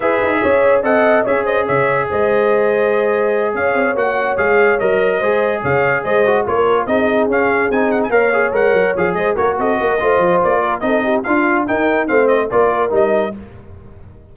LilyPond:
<<
  \new Staff \with { instrumentName = "trumpet" } { \time 4/4 \tempo 4 = 144 e''2 fis''4 e''8 dis''8 | e''4 dis''2.~ | dis''8 f''4 fis''4 f''4 dis''8~ | dis''4. f''4 dis''4 cis''8~ |
cis''8 dis''4 f''4 gis''8 fis''16 gis''16 f''8~ | f''8 fis''4 f''8 dis''8 cis''8 dis''4~ | dis''4 d''4 dis''4 f''4 | g''4 f''8 dis''8 d''4 dis''4 | }
  \new Staff \with { instrumentName = "horn" } { \time 4/4 b'4 cis''4 dis''4 cis''8 c''8 | cis''4 c''2.~ | c''8 cis''2.~ cis''8~ | cis''8 c''4 cis''4 c''4 ais'8~ |
ais'8 gis'2. cis''8~ | cis''2 c''8 ais'8 a'8 ais'8 | c''4. ais'8 a'8 g'8 f'4 | ais'4 c''4 ais'2 | }
  \new Staff \with { instrumentName = "trombone" } { \time 4/4 gis'2 a'4 gis'4~ | gis'1~ | gis'4. fis'4 gis'4 ais'8~ | ais'8 gis'2~ gis'8 fis'8 f'8~ |
f'8 dis'4 cis'4 dis'4 ais'8 | gis'8 ais'4 gis'4 fis'4. | f'2 dis'4 f'4 | dis'4 c'4 f'4 dis'4 | }
  \new Staff \with { instrumentName = "tuba" } { \time 4/4 e'8 dis'8 cis'4 c'4 cis'4 | cis4 gis2.~ | gis8 cis'8 c'8 ais4 gis4 fis8~ | fis8 gis4 cis4 gis4 ais8~ |
ais8 c'4 cis'4 c'4 ais8~ | ais8 gis8 fis8 f8 gis8 ais8 c'8 ais8 | a8 f8 ais4 c'4 d'4 | dis'4 a4 ais4 g4 | }
>>